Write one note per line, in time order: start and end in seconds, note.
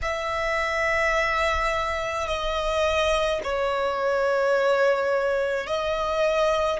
0.02 2.27 E5
2.27 3.40 D#5
3.43 5.67 C#5
5.67 6.80 D#5